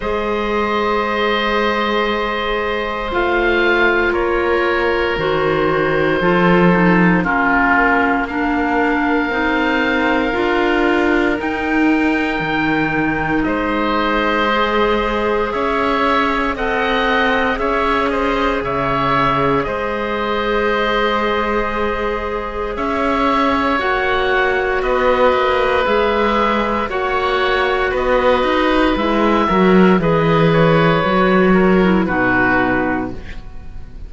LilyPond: <<
  \new Staff \with { instrumentName = "oboe" } { \time 4/4 \tempo 4 = 58 dis''2. f''4 | cis''4 c''2 ais'4 | f''2. g''4~ | g''4 dis''2 e''4 |
fis''4 e''8 dis''8 e''4 dis''4~ | dis''2 e''4 fis''4 | dis''4 e''4 fis''4 dis''4 | e''4 dis''8 cis''4. b'4 | }
  \new Staff \with { instrumentName = "oboe" } { \time 4/4 c''1 | ais'2 a'4 f'4 | ais'1~ | ais'4 c''2 cis''4 |
dis''4 cis''8 c''8 cis''4 c''4~ | c''2 cis''2 | b'2 cis''4 b'4~ | b'8 ais'8 b'4. ais'8 fis'4 | }
  \new Staff \with { instrumentName = "clarinet" } { \time 4/4 gis'2. f'4~ | f'4 fis'4 f'8 dis'8 cis'4 | d'4 dis'4 f'4 dis'4~ | dis'2 gis'2 |
a'4 gis'2.~ | gis'2. fis'4~ | fis'4 gis'4 fis'2 | e'8 fis'8 gis'4 fis'8. e'16 dis'4 | }
  \new Staff \with { instrumentName = "cello" } { \time 4/4 gis2. a4 | ais4 dis4 f4 ais4~ | ais4 c'4 d'4 dis'4 | dis4 gis2 cis'4 |
c'4 cis'4 cis4 gis4~ | gis2 cis'4 ais4 | b8 ais8 gis4 ais4 b8 dis'8 | gis8 fis8 e4 fis4 b,4 | }
>>